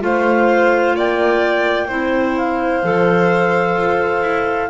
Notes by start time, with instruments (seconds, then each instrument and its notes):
0.00 double bass A3, clarinet F4 F5, violin C5
0.96 double bass A#3, violin D5, clarinet G5
1.88 double bass C4, clarinet E4, violin C5
2.38 clarinet F5
2.83 double bass F3, clarinet A4
3.76 double bass F4
4.22 double bass E4